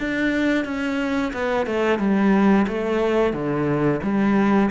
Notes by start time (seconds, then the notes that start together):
0.00 D4
0.65 C#4
1.34 B3
1.67 A3
1.99 G3
2.68 A3
3.33 D3
4.03 G3